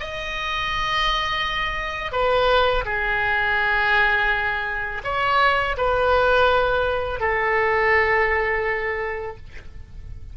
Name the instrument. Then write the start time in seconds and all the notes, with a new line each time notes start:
oboe
0.00 D#5
2.12 B4
2.85 G#4
5.04 C#5
5.78 B4
7.20 A4